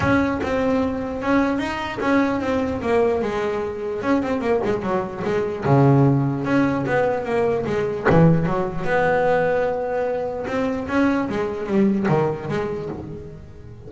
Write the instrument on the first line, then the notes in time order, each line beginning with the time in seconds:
double bass
0.00 C#4
0.42 C4
1.22 C#4
1.58 D#4
2.00 C#4
2.40 C4
2.81 A#3
3.22 G#3
4.02 C#4
4.22 C4
4.40 A#3
4.64 G#3
4.82 F#3
5.24 G#3
5.64 C#3
6.44 C#4
6.86 B3
7.25 A#3
7.66 G#3
8.10 E3
8.46 F#3
8.84 B3
10.47 C4
10.88 C#4
11.29 G#3
11.66 G3
12.08 D#3
12.48 G#3